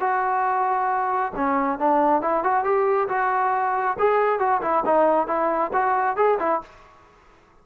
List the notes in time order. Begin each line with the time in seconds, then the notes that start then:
0.00 F#4
1.36 C#4
1.79 D4
2.22 E4
2.44 F#4
2.64 G4
3.09 F#4
3.99 G#4
4.40 F#4
4.62 E4
4.85 D#4
5.27 E4
5.73 F#4
6.16 G#4
6.39 E4